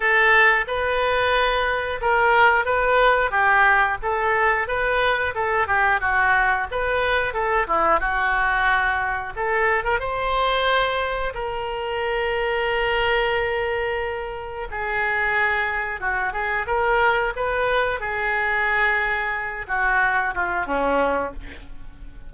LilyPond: \new Staff \with { instrumentName = "oboe" } { \time 4/4 \tempo 4 = 90 a'4 b'2 ais'4 | b'4 g'4 a'4 b'4 | a'8 g'8 fis'4 b'4 a'8 e'8 | fis'2 a'8. ais'16 c''4~ |
c''4 ais'2.~ | ais'2 gis'2 | fis'8 gis'8 ais'4 b'4 gis'4~ | gis'4. fis'4 f'8 cis'4 | }